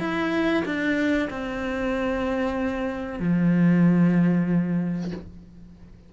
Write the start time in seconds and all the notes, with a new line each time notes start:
0.00 E4
0.65 D4
1.30 C4
3.20 F3